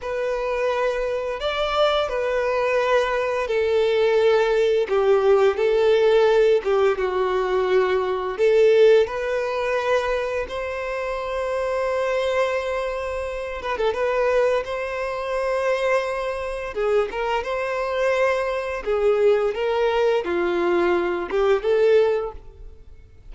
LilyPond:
\new Staff \with { instrumentName = "violin" } { \time 4/4 \tempo 4 = 86 b'2 d''4 b'4~ | b'4 a'2 g'4 | a'4. g'8 fis'2 | a'4 b'2 c''4~ |
c''2.~ c''8 b'16 a'16 | b'4 c''2. | gis'8 ais'8 c''2 gis'4 | ais'4 f'4. g'8 a'4 | }